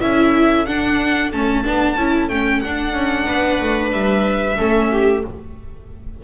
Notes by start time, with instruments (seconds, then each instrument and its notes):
0.00 double bass C#4, viola E4 A4, violin E5
0.66 double bass D4, viola D4, violin F#5
1.32 double bass A3, viola C#4, violin A5
1.64 double bass B3, viola D4
1.96 double bass C#4, viola E4
2.29 double bass A3, viola C#4, violin G5
2.60 viola D4, double bass D4, violin F#5
2.93 double bass C#4
3.26 double bass B3, viola B4
3.60 double bass A3
3.92 double bass G3, violin E5
4.56 double bass A3, viola C#4 A4
4.91 viola G4